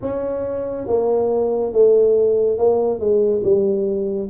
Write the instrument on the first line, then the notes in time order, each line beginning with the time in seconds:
tuba
0.01 C#4
0.86 A#3
1.72 A3
2.58 A#3
2.99 G#3
3.43 G3